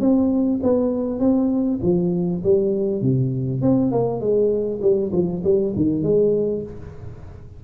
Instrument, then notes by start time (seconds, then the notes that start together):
tuba
0.00 C4
0.62 B3
1.19 C4
1.82 F3
2.43 G3
3.01 C3
3.61 C4
3.91 A#3
4.20 G#3
4.82 G3
5.12 F3
5.44 G3
5.76 D#3
6.02 G#3